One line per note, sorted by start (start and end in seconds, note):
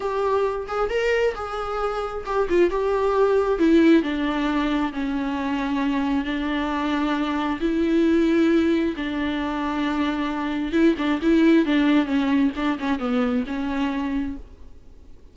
0.00 0.67 G4
0.67 0.89 G#4
0.89 1.34 A#4
1.34 2.24 G#4
2.25 2.47 G4
2.49 2.70 F4
2.70 3.58 G4
3.58 4.02 E4
4.02 4.92 D4
4.93 6.24 C#4
6.24 7.59 D4
7.60 8.94 E4
8.96 10.72 D4
10.72 10.94 E4
10.97 11.20 D4
11.22 11.65 E4
11.65 12.05 D4
12.05 12.50 C#4
12.56 12.78 D4
12.79 12.99 C#4
12.99 13.43 B3
13.46 14.36 C#4